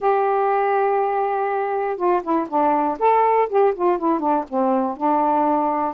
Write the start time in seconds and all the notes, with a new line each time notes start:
0.00 G4
1.97 F4
2.22 E4
2.49 D4
2.99 A4
3.49 G4
3.74 F4
3.98 E4
4.19 D4
4.48 C4
4.97 D4